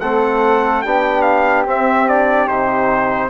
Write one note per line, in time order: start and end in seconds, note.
0.00 0.84 A3
0.00 0.85 C4
0.00 0.83 A4
0.00 0.82 F#5
0.82 1.66 B3
0.82 1.67 D4
0.82 3.30 G4
0.82 1.22 G5
1.22 1.63 F5
1.66 2.48 C4
1.66 2.08 C4
1.66 2.09 E5
2.08 2.48 D4
2.08 2.48 D5
2.48 3.30 C3
2.48 3.30 D#4
2.48 3.30 C5